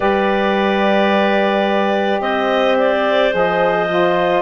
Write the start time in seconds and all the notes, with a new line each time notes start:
0.00 G3 G4 B4 D5
2.20 C4 C5 D#5
2.78 D5
3.31 F3 G#4 D#5
3.89 F4